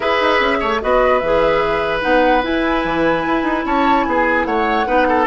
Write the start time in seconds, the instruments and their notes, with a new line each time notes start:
0.00 bassoon E4, clarinet G#4, oboe B4, flute E5
0.20 bassoon D#4
0.40 bassoon C#4
0.60 bassoon A3, oboe C#5
0.80 bassoon B3, clarinet F#4, oboe B4, flute D#5
1.18 bassoon E3, clarinet G#4, flute E5
2.00 bassoon B3, clarinet D#4, flute F#5
2.42 clarinet E4, bassoon E4, flute G#5
2.84 bassoon E3
3.26 bassoon E4
3.43 bassoon D#4
3.65 bassoon C#4, oboe C#5, flute A5
4.03 bassoon B3, oboe G#4, flute G#5
4.44 bassoon A3, oboe C#5, flute F#5
4.86 bassoon B3, clarinet D#4, oboe B4
5.08 oboe A4